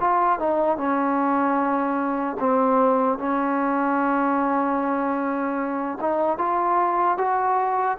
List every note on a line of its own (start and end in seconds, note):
0.00 0.39 F4
0.39 0.77 D#4
0.77 2.37 C#4
2.39 3.18 C4
3.18 5.98 C#4
6.01 6.38 D#4
6.38 7.17 F4
7.17 7.97 F#4